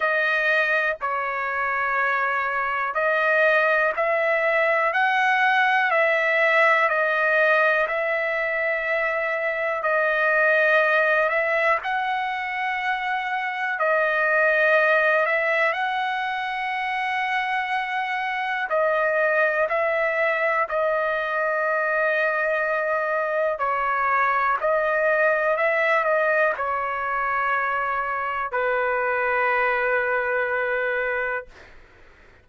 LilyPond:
\new Staff \with { instrumentName = "trumpet" } { \time 4/4 \tempo 4 = 61 dis''4 cis''2 dis''4 | e''4 fis''4 e''4 dis''4 | e''2 dis''4. e''8 | fis''2 dis''4. e''8 |
fis''2. dis''4 | e''4 dis''2. | cis''4 dis''4 e''8 dis''8 cis''4~ | cis''4 b'2. | }